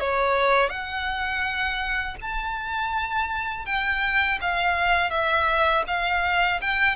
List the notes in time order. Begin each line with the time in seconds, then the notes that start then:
0.00 C#5
0.69 F#5
2.21 A5
3.66 G5
4.41 F5
5.11 E5
5.87 F5
6.61 G5